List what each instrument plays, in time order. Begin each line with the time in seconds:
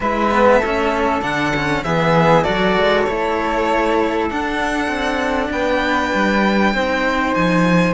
0.00 cello G#3 E4, flute B4, violin E5
0.30 cello B3
0.58 cello A3, flute A4
0.65 cello C#4
1.22 cello D3 D4, violin F#5
1.56 cello C#4
1.83 cello E3 B3, flute G#4, violin E5
2.43 cello F#3 F#4, flute A4, violin D5
2.76 cello G#3
3.03 cello A3 E4, violin C#5
4.30 cello D4, violin F#5
4.87 cello C4
5.50 cello B3, flute B4, violin G5
6.14 cello G3
6.73 cello C4 D#4, flute C5
7.34 cello F3, violin G#5